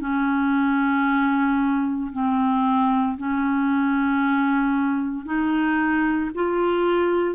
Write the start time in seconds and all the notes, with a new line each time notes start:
0.00 C#4
2.12 C4
3.17 C#4
5.25 D#4
6.34 F4